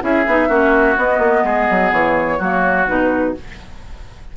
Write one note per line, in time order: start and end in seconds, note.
0.00 0.26 C#4
0.00 0.24 E4
0.00 0.48 G#4
0.00 0.98 E5
0.26 0.48 B3
0.26 0.49 D#4
0.48 0.96 A#3
0.48 0.96 C#4
0.48 1.43 F#4
0.97 2.39 B3
0.97 1.18 B3
0.97 1.92 D#5
1.18 1.42 A#3
1.44 1.67 G#3
1.44 2.38 G#4
1.70 1.92 F#3
1.92 2.39 E3
1.92 2.87 C#5
2.38 2.87 F#3
2.38 2.87 A#3
2.38 3.33 F#4
2.87 3.36 B2
2.87 3.34 D#4
2.87 3.35 B4